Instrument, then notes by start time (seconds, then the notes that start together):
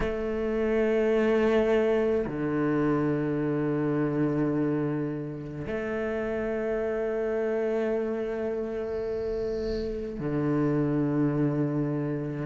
cello
0.00 A3
2.26 D3
5.66 A3
10.19 D3